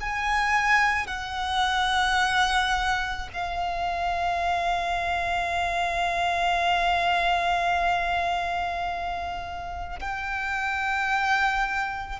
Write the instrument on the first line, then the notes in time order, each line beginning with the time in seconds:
violin
0.00 G#5
1.07 F#5
3.33 F5
9.99 G5